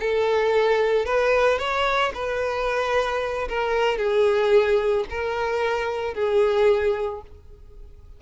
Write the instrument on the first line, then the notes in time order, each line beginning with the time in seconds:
violin
0.00 A4
1.06 B4
1.59 C#5
2.14 B4
3.49 A#4
3.98 G#4
5.10 A#4
6.14 G#4